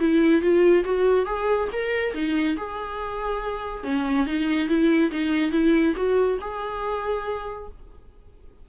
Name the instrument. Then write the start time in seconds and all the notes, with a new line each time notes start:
viola
0.00 E4
0.42 F4
0.85 F#4
1.26 G#4
1.73 A#4
2.14 D#4
2.57 G#4
3.84 C#4
4.27 D#4
4.68 E4
5.12 D#4
5.52 E4
5.96 F#4
6.41 G#4